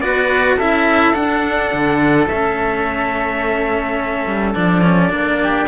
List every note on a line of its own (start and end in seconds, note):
0.00 0.57 B3
0.00 0.59 F#4
0.00 0.57 B4
0.00 0.57 D5
0.57 1.14 C#4
0.57 1.13 E4
0.57 5.38 A4
0.57 1.14 E5
1.13 2.27 D4
1.13 1.72 D4
1.13 2.27 F#5
1.73 2.27 D3
2.27 4.25 A3
2.27 4.55 C#4
2.27 4.54 E5
4.26 4.55 G3
4.54 5.09 F3
4.54 4.82 D4
4.54 5.67 D5
4.82 5.10 C#4
5.09 5.66 A#3
5.09 5.66 D4
5.42 5.67 G4